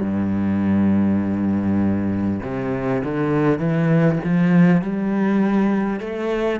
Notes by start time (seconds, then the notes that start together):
0.00 G2
2.42 C3
3.04 D3
3.59 E3
4.24 F3
4.81 G3
5.99 A3